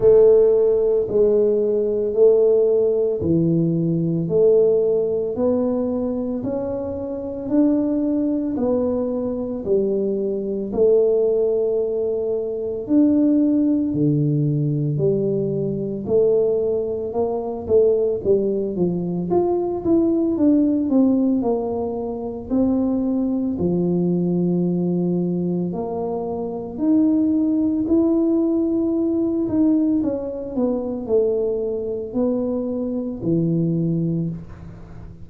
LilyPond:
\new Staff \with { instrumentName = "tuba" } { \time 4/4 \tempo 4 = 56 a4 gis4 a4 e4 | a4 b4 cis'4 d'4 | b4 g4 a2 | d'4 d4 g4 a4 |
ais8 a8 g8 f8 f'8 e'8 d'8 c'8 | ais4 c'4 f2 | ais4 dis'4 e'4. dis'8 | cis'8 b8 a4 b4 e4 | }